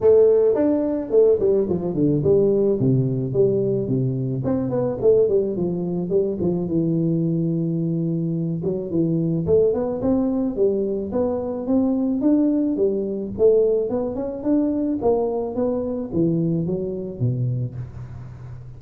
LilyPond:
\new Staff \with { instrumentName = "tuba" } { \time 4/4 \tempo 4 = 108 a4 d'4 a8 g8 f8 d8 | g4 c4 g4 c4 | c'8 b8 a8 g8 f4 g8 f8 | e2.~ e8 fis8 |
e4 a8 b8 c'4 g4 | b4 c'4 d'4 g4 | a4 b8 cis'8 d'4 ais4 | b4 e4 fis4 b,4 | }